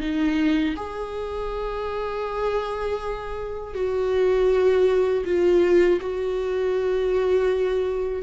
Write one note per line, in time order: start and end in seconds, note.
0.00 0.75 D#4
0.76 3.74 G#4
3.74 5.24 F#4
5.25 6.00 F4
6.00 8.23 F#4